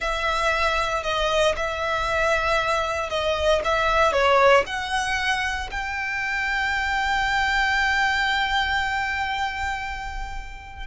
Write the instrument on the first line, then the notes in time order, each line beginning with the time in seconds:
violin
0.00 E5
1.03 D#5
1.56 E5
3.09 D#5
3.64 E5
4.12 C#5
4.66 F#5
5.70 G5